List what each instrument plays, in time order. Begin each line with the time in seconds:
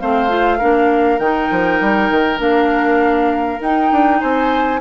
0.00 bassoon A3, clarinet C4, oboe C5, flute F5
0.29 clarinet F4
0.59 bassoon A#3, clarinet D4, oboe A#4
1.19 bassoon D#3, clarinet D#4, flute G5
1.51 bassoon F3
1.81 bassoon G3
2.11 bassoon D#3
2.38 bassoon A#3, clarinet D4, flute F5
3.61 bassoon D#4, clarinet D#4, flute G5
3.92 bassoon D4
4.20 bassoon C4, oboe C5, flute G#5